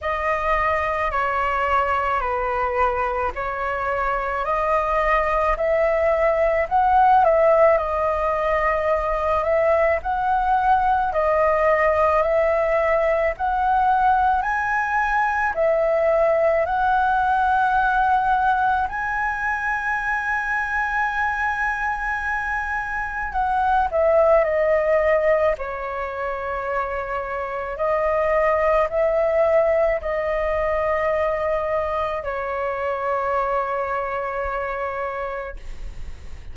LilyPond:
\new Staff \with { instrumentName = "flute" } { \time 4/4 \tempo 4 = 54 dis''4 cis''4 b'4 cis''4 | dis''4 e''4 fis''8 e''8 dis''4~ | dis''8 e''8 fis''4 dis''4 e''4 | fis''4 gis''4 e''4 fis''4~ |
fis''4 gis''2.~ | gis''4 fis''8 e''8 dis''4 cis''4~ | cis''4 dis''4 e''4 dis''4~ | dis''4 cis''2. | }